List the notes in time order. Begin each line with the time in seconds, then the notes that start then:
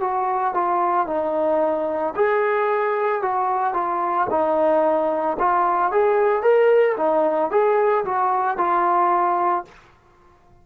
0.00 F#4
0.54 F4
1.07 D#4
2.15 G#4
3.22 F#4
3.74 F4
4.30 D#4
5.39 F4
5.91 G#4
6.42 A#4
6.97 D#4
7.50 G#4
8.05 F#4
8.58 F4